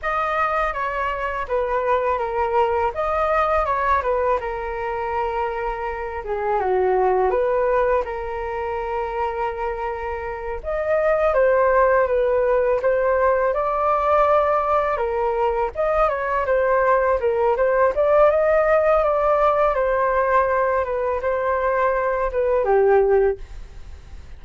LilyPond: \new Staff \with { instrumentName = "flute" } { \time 4/4 \tempo 4 = 82 dis''4 cis''4 b'4 ais'4 | dis''4 cis''8 b'8 ais'2~ | ais'8 gis'8 fis'4 b'4 ais'4~ | ais'2~ ais'8 dis''4 c''8~ |
c''8 b'4 c''4 d''4.~ | d''8 ais'4 dis''8 cis''8 c''4 ais'8 | c''8 d''8 dis''4 d''4 c''4~ | c''8 b'8 c''4. b'8 g'4 | }